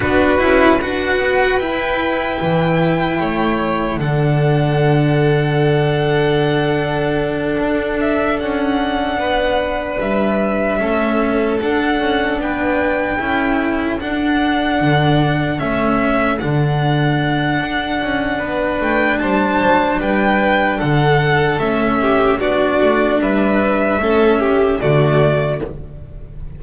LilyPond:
<<
  \new Staff \with { instrumentName = "violin" } { \time 4/4 \tempo 4 = 75 b'4 fis''4 g''2~ | g''4 fis''2.~ | fis''2 e''8 fis''4.~ | fis''8 e''2 fis''4 g''8~ |
g''4. fis''2 e''8~ | e''8 fis''2. g''8 | a''4 g''4 fis''4 e''4 | d''4 e''2 d''4 | }
  \new Staff \with { instrumentName = "violin" } { \time 4/4 fis'4 b'2. | cis''4 a'2.~ | a'2.~ a'8 b'8~ | b'4. a'2 b'8~ |
b'8 a'2.~ a'8~ | a'2. b'4 | c''4 b'4 a'4. g'8 | fis'4 b'4 a'8 g'8 fis'4 | }
  \new Staff \with { instrumentName = "cello" } { \time 4/4 d'8 e'8 fis'4 e'2~ | e'4 d'2.~ | d'1~ | d'4. cis'4 d'4.~ |
d'8 e'4 d'2 cis'8~ | cis'8 d'2.~ d'8~ | d'2. cis'4 | d'2 cis'4 a4 | }
  \new Staff \with { instrumentName = "double bass" } { \time 4/4 b8 cis'8 d'8 b8 e'4 e4 | a4 d2.~ | d4. d'4 cis'4 b8~ | b8 g4 a4 d'8 cis'8 b8~ |
b8 cis'4 d'4 d4 a8~ | a8 d4. d'8 cis'8 b8 a8 | g8 fis8 g4 d4 a4 | b8 a8 g4 a4 d4 | }
>>